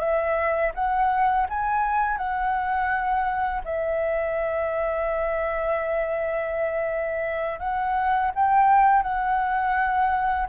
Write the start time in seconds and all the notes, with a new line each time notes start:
0.00 E5
0.75 F#5
1.50 G#5
2.18 F#5
3.65 E5
7.60 F#5
8.35 G5
9.03 F#5